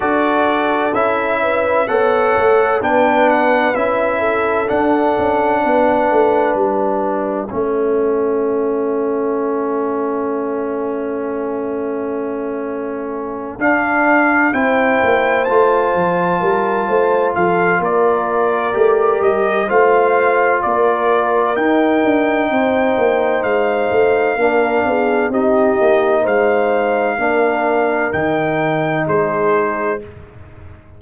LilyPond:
<<
  \new Staff \with { instrumentName = "trumpet" } { \time 4/4 \tempo 4 = 64 d''4 e''4 fis''4 g''8 fis''8 | e''4 fis''2 e''4~ | e''1~ | e''2~ e''8 f''4 g''8~ |
g''8 a''2 f''8 d''4~ | d''8 dis''8 f''4 d''4 g''4~ | g''4 f''2 dis''4 | f''2 g''4 c''4 | }
  \new Staff \with { instrumentName = "horn" } { \time 4/4 a'4. b'8 cis''4 b'4~ | b'8 a'4. b'2 | a'1~ | a'2.~ a'8 c''8~ |
c''4. ais'8 c''8 a'8 ais'4~ | ais'4 c''4 ais'2 | c''2 ais'8 gis'8 g'4 | c''4 ais'2 gis'4 | }
  \new Staff \with { instrumentName = "trombone" } { \time 4/4 fis'4 e'4 a'4 d'4 | e'4 d'2. | cis'1~ | cis'2~ cis'8 d'4 e'8~ |
e'8 f'2.~ f'8 | g'4 f'2 dis'4~ | dis'2 d'4 dis'4~ | dis'4 d'4 dis'2 | }
  \new Staff \with { instrumentName = "tuba" } { \time 4/4 d'4 cis'4 b8 a8 b4 | cis'4 d'8 cis'8 b8 a8 g4 | a1~ | a2~ a8 d'4 c'8 |
ais8 a8 f8 g8 a8 f8 ais4 | a8 g8 a4 ais4 dis'8 d'8 | c'8 ais8 gis8 a8 ais8 b8 c'8 ais8 | gis4 ais4 dis4 gis4 | }
>>